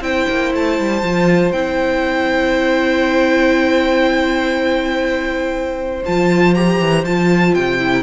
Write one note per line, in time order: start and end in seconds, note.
0.00 0.25 C4
0.00 1.01 E4
0.00 7.91 C5
0.00 0.52 G5
0.29 0.53 A#3
0.53 0.78 A3
0.53 1.52 A5
0.79 1.02 G3
1.02 1.52 F3
1.02 1.53 F4
1.52 6.02 C4
1.52 6.03 E4
1.52 6.02 G5
6.05 6.80 F3
6.05 6.55 F4
6.05 6.54 A5
6.54 7.05 G4
6.54 7.04 A#5
6.80 7.03 E3
7.03 7.53 F3
7.03 7.79 F4
7.03 7.54 A5
7.54 8.03 C3
7.54 8.03 G5
7.79 8.03 E4
7.91 8.03 A#4